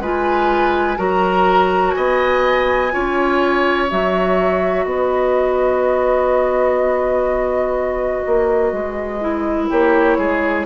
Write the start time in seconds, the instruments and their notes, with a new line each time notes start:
0.00 bassoon G#3, clarinet F4, oboe B4, flute G#5
0.97 bassoon F#3, clarinet F#4, oboe A#4, flute A#5
1.92 bassoon B3, oboe D#5, flute G#5
2.92 bassoon C#4, clarinet F4, oboe C#5
3.90 bassoon F#3, clarinet F#4, flute E5
4.85 bassoon B3, oboe B4, flute D#5
8.27 bassoon A#3
8.73 bassoon G#3
9.21 clarinet E4
9.69 bassoon A#3, oboe G4, flute C#5
10.18 bassoon G#3, oboe G#4